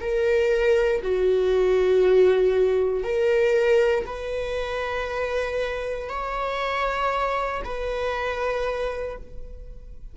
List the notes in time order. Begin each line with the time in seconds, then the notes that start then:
0.00 A#4
1.02 F#4
3.03 A#4
4.06 B4
6.09 C#5
7.64 B4